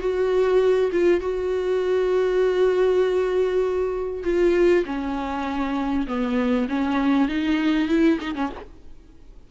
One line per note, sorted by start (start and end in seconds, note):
0.00 0.91 F#4
0.92 1.20 F4
1.20 4.23 F#4
4.24 4.85 F4
4.86 6.07 C#4
6.07 6.68 B3
6.69 7.28 C#4
7.28 7.88 D#4
7.88 8.19 E4
8.21 8.35 D#4
8.35 8.50 C#4